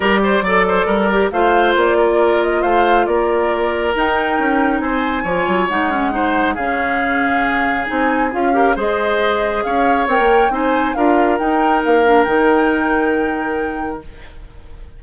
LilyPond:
<<
  \new Staff \with { instrumentName = "flute" } { \time 4/4 \tempo 4 = 137 d''2. f''4 | d''4. dis''8 f''4 d''4~ | d''4 g''2 gis''4~ | gis''4 fis''2 f''4~ |
f''2 gis''4 f''4 | dis''2 f''4 g''4 | gis''4 f''4 g''4 f''4 | g''1 | }
  \new Staff \with { instrumentName = "oboe" } { \time 4/4 ais'8 c''8 d''8 c''8 ais'4 c''4~ | c''8 ais'4. c''4 ais'4~ | ais'2. c''4 | cis''2 c''4 gis'4~ |
gis'2.~ gis'8 ais'8 | c''2 cis''2 | c''4 ais'2.~ | ais'1 | }
  \new Staff \with { instrumentName = "clarinet" } { \time 4/4 g'4 a'4. g'8 f'4~ | f'1~ | f'4 dis'2. | f'4 dis'8 cis'8 dis'4 cis'4~ |
cis'2 dis'4 f'8 g'8 | gis'2. ais'4 | dis'4 f'4 dis'4. d'8 | dis'1 | }
  \new Staff \with { instrumentName = "bassoon" } { \time 4/4 g4 fis4 g4 a4 | ais2 a4 ais4~ | ais4 dis'4 cis'4 c'4 | f8 fis8 gis2 cis4~ |
cis2 c'4 cis'4 | gis2 cis'4 c'16 ais8. | c'4 d'4 dis'4 ais4 | dis1 | }
>>